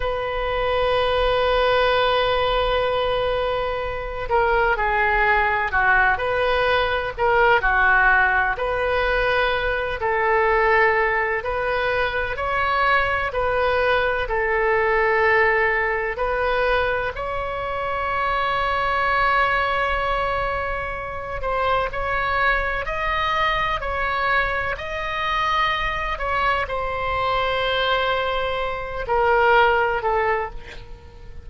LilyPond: \new Staff \with { instrumentName = "oboe" } { \time 4/4 \tempo 4 = 63 b'1~ | b'8 ais'8 gis'4 fis'8 b'4 ais'8 | fis'4 b'4. a'4. | b'4 cis''4 b'4 a'4~ |
a'4 b'4 cis''2~ | cis''2~ cis''8 c''8 cis''4 | dis''4 cis''4 dis''4. cis''8 | c''2~ c''8 ais'4 a'8 | }